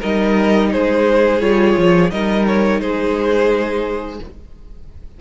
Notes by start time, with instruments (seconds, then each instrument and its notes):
0.00 cello G3, viola D#4, violin A#4 D#5
0.72 cello G#3, violin G#4 C5
1.41 cello G3, viola F4, violin C#5
1.77 cello F3
2.10 cello G3, viola D#4, violin A#4 D#5
2.47 violin C#5
2.80 cello G#3, violin G#4 C5